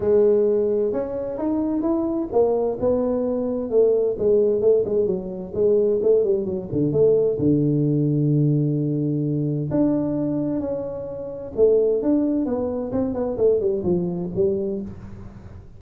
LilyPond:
\new Staff \with { instrumentName = "tuba" } { \time 4/4 \tempo 4 = 130 gis2 cis'4 dis'4 | e'4 ais4 b2 | a4 gis4 a8 gis8 fis4 | gis4 a8 g8 fis8 d8 a4 |
d1~ | d4 d'2 cis'4~ | cis'4 a4 d'4 b4 | c'8 b8 a8 g8 f4 g4 | }